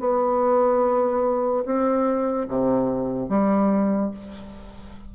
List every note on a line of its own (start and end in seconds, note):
0.00 1.64 B3
1.66 2.48 C4
2.48 3.29 C3
3.29 4.11 G3